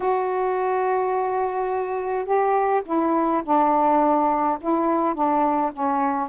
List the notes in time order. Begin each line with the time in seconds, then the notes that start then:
0.00 F#4
2.25 G4
2.85 E4
3.44 D4
4.60 E4
5.14 D4
5.72 C#4